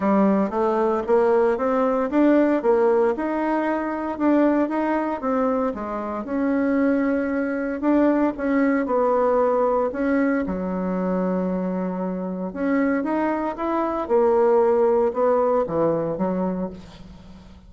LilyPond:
\new Staff \with { instrumentName = "bassoon" } { \time 4/4 \tempo 4 = 115 g4 a4 ais4 c'4 | d'4 ais4 dis'2 | d'4 dis'4 c'4 gis4 | cis'2. d'4 |
cis'4 b2 cis'4 | fis1 | cis'4 dis'4 e'4 ais4~ | ais4 b4 e4 fis4 | }